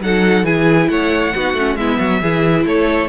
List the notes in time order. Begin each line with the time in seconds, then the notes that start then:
0.00 F#3 D#4 A4 F#5
0.43 E3 E4 G#4 G#5
0.89 A3 C#5 F#5
1.34 B3 D#4 F#4
1.53 A3 C#4
1.76 G#3 B3 E4 E5
1.98 F#3 F#4
2.21 E3 E4 G#4
2.65 A3 A4 C#5